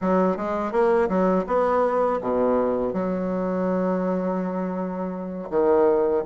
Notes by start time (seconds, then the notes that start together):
0.01 F#3
0.37 G#3
0.72 A#3
1.08 F#3
1.46 B3
2.21 B2
2.93 F#3
5.49 D#3